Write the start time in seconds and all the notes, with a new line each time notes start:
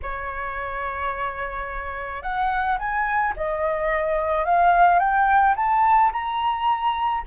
0.02 C#5
2.22 F#5
2.78 G#5
3.36 D#5
4.45 F5
4.99 G5
5.56 A5
6.12 A#5